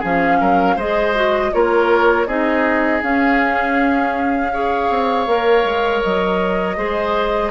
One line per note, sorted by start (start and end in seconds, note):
0.00 0.41 F3
0.00 0.78 C#4
0.00 0.38 G#4
0.00 0.79 F5
0.41 0.76 F#3
0.41 0.76 A#4
0.76 1.51 G#3
0.76 1.15 G#4
0.76 1.51 C5
0.76 1.54 D#5
1.15 1.53 F#4
1.53 2.27 A#3
1.53 2.27 F4
1.53 2.28 A#4
1.53 2.27 C#5
2.27 3.02 C4
2.27 3.03 D#4
2.27 4.53 G#4
2.27 3.02 D#5
3.03 4.53 C#4
3.03 4.90 C#4
3.03 6.03 F5
4.53 5.28 G#4
4.53 6.78 C#5
4.90 5.27 C4
5.27 5.65 A#3
5.27 6.77 A#4
5.65 6.03 G#3
6.03 6.77 F#3
6.03 7.51 D#5
6.77 7.51 G#3
6.77 7.51 G#4
6.77 7.51 C5